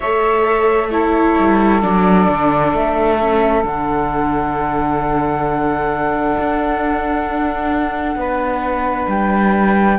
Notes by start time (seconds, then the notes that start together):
0.00 A3 A4 C#5 E5
0.90 E4 A4 C#5
1.38 G3
1.82 F#3 D4 D5
2.29 D3
2.73 A3 E5
3.20 C#4
3.63 D3 D4 F#5
6.38 D4
8.15 B3 B4
9.07 G3 G5